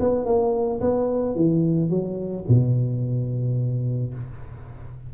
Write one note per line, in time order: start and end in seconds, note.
0.00 0.25 B3
0.25 0.80 A#3
0.81 1.35 B3
1.35 1.90 E3
1.90 2.45 F#3
2.49 4.14 B2